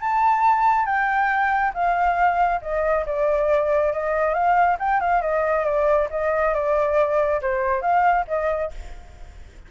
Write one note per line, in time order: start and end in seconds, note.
0.00 0.85 A5
0.85 1.72 G5
1.74 2.60 F5
2.61 3.05 D#5
3.06 3.92 D5
3.92 4.33 D#5
4.33 4.77 F5
4.79 5.00 G5
5.00 5.21 F5
5.21 5.65 D#5
5.65 6.08 D5
6.10 6.54 D#5
6.54 7.41 D5
7.41 7.81 C5
7.81 8.25 F5
8.27 8.71 D#5